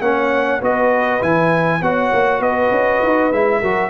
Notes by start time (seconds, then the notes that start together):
0.00 A#3 C#4 C#5 F#5
0.60 B3 F#4 B4 D#5
1.20 E3 E4 G#5
1.81 B3 F#4 C#5 F#5
2.12 A#3
2.40 B3 B4 D#5
2.71 C#4
3.03 D#4
3.32 G#3 E4 E5
3.60 F#3 F#4 A#4